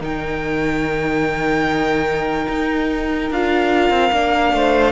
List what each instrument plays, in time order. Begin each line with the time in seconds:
0.00 cello D#3, viola D#4, violin A#4 G5
2.49 cello D#4
3.31 cello D4, viola F4, violin F5
3.90 cello C4
4.12 cello A#3, viola D4
4.53 cello A3, violin C5